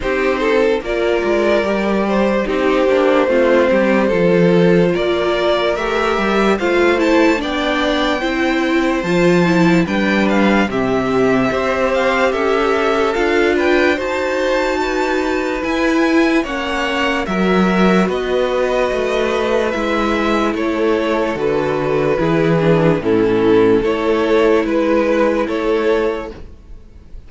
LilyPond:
<<
  \new Staff \with { instrumentName = "violin" } { \time 4/4 \tempo 4 = 73 c''4 d''2 c''4~ | c''2 d''4 e''4 | f''8 a''8 g''2 a''4 | g''8 f''8 e''4. f''8 e''4 |
f''8 g''8 a''2 gis''4 | fis''4 e''4 dis''2 | e''4 cis''4 b'2 | a'4 cis''4 b'4 cis''4 | }
  \new Staff \with { instrumentName = "violin" } { \time 4/4 g'8 a'8 ais'4. c''8 g'4 | f'8 g'8 a'4 ais'2 | c''4 d''4 c''2 | b'4 g'4 c''4 a'4~ |
a'8 b'8 c''4 b'2 | cis''4 ais'4 b'2~ | b'4 a'2 gis'4 | e'4 a'4 b'4 a'4 | }
  \new Staff \with { instrumentName = "viola" } { \time 4/4 dis'4 f'4 g'4 dis'8 d'8 | c'4 f'2 g'4 | f'8 e'8 d'4 e'4 f'8 e'8 | d'4 c'4 g'2 |
f'4 fis'2 e'4 | cis'4 fis'2. | e'2 fis'4 e'8 d'8 | cis'4 e'2. | }
  \new Staff \with { instrumentName = "cello" } { \time 4/4 c'4 ais8 gis8 g4 c'8 ais8 | a8 g8 f4 ais4 a8 g8 | a4 b4 c'4 f4 | g4 c4 c'4 cis'4 |
d'4 dis'2 e'4 | ais4 fis4 b4 a4 | gis4 a4 d4 e4 | a,4 a4 gis4 a4 | }
>>